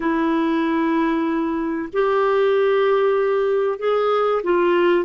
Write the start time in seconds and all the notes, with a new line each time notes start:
0.00 E4
1.92 G4
3.78 G#4
4.43 F4